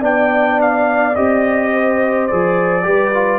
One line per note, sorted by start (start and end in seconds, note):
0.00 1.15 B3
0.00 1.14 D4
0.00 1.70 D5
0.00 0.60 G5
0.61 1.15 F5
1.15 2.29 C4
1.15 2.29 G4
1.15 2.27 D#5
1.72 2.85 C5
2.27 2.85 F3
2.27 2.82 G#4
2.27 3.39 D5
2.82 3.39 G3
2.82 3.10 G4
2.82 3.39 B4
3.13 3.39 F4